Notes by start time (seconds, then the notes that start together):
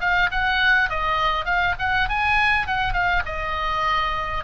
0.00 F5
0.31 F#5
0.89 D#5
1.45 F5
1.79 F#5
2.09 G#5
2.67 F#5
2.93 F5
3.25 D#5